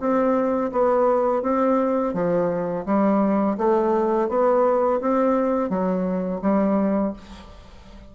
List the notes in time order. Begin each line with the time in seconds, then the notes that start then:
0.00 C4
0.72 B3
1.43 C4
2.14 F3
2.86 G3
3.57 A3
4.29 B3
5.01 C4
5.69 F#3
6.42 G3